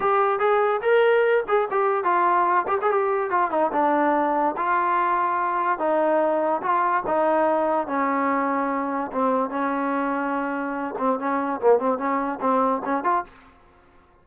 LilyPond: \new Staff \with { instrumentName = "trombone" } { \time 4/4 \tempo 4 = 145 g'4 gis'4 ais'4. gis'8 | g'4 f'4. g'16 gis'16 g'4 | f'8 dis'8 d'2 f'4~ | f'2 dis'2 |
f'4 dis'2 cis'4~ | cis'2 c'4 cis'4~ | cis'2~ cis'8 c'8 cis'4 | ais8 c'8 cis'4 c'4 cis'8 f'8 | }